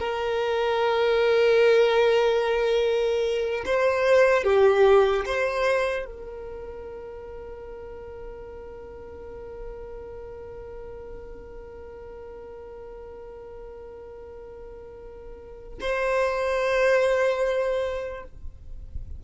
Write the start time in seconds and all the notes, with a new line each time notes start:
0.00 A#4
3.66 C5
4.44 G4
5.26 C5
6.06 A#4
15.81 C5